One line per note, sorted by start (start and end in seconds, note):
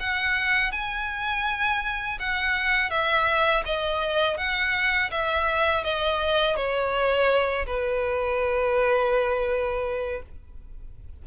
0.00 0.72 F#5
0.72 2.19 G#5
2.20 2.91 F#5
2.91 3.64 E5
3.66 4.38 D#5
4.38 5.11 F#5
5.11 5.84 E5
5.84 6.56 D#5
6.56 7.66 C#5
7.66 10.22 B4